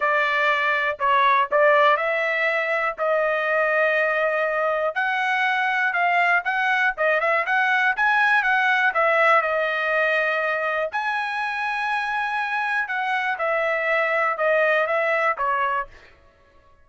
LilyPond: \new Staff \with { instrumentName = "trumpet" } { \time 4/4 \tempo 4 = 121 d''2 cis''4 d''4 | e''2 dis''2~ | dis''2 fis''2 | f''4 fis''4 dis''8 e''8 fis''4 |
gis''4 fis''4 e''4 dis''4~ | dis''2 gis''2~ | gis''2 fis''4 e''4~ | e''4 dis''4 e''4 cis''4 | }